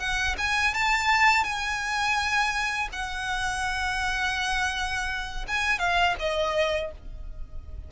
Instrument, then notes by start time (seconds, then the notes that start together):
violin
0.00 F#5
0.38 G#5
0.74 A5
1.44 G#5
2.93 F#5
5.48 G#5
5.79 F5
6.20 D#5